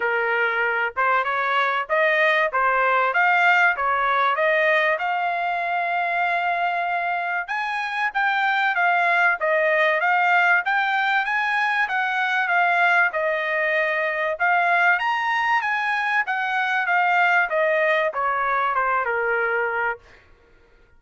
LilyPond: \new Staff \with { instrumentName = "trumpet" } { \time 4/4 \tempo 4 = 96 ais'4. c''8 cis''4 dis''4 | c''4 f''4 cis''4 dis''4 | f''1 | gis''4 g''4 f''4 dis''4 |
f''4 g''4 gis''4 fis''4 | f''4 dis''2 f''4 | ais''4 gis''4 fis''4 f''4 | dis''4 cis''4 c''8 ais'4. | }